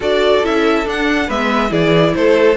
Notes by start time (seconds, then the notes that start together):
0.00 D4 F#4 A4 D5
0.43 C#4 E4 E5
0.84 D4 F#5
1.27 G#3 B3 B4 E5
1.68 E3 E4 G#4 D5
2.14 A3 A4 C5